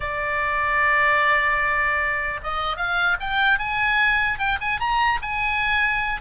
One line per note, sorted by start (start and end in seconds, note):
0.00 2.40 D5
2.43 2.76 D#5
2.76 3.16 F5
3.20 3.59 G5
3.59 4.38 G#5
4.38 4.58 G5
4.60 4.79 G#5
4.79 5.19 A#5
5.21 6.21 G#5